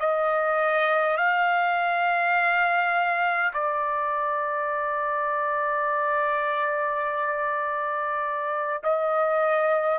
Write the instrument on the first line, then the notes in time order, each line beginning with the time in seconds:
trumpet
0.00 D#5
1.17 F5
3.53 D5
8.83 D#5